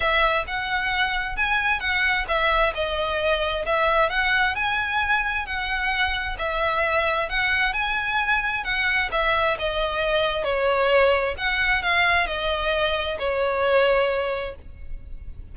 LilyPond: \new Staff \with { instrumentName = "violin" } { \time 4/4 \tempo 4 = 132 e''4 fis''2 gis''4 | fis''4 e''4 dis''2 | e''4 fis''4 gis''2 | fis''2 e''2 |
fis''4 gis''2 fis''4 | e''4 dis''2 cis''4~ | cis''4 fis''4 f''4 dis''4~ | dis''4 cis''2. | }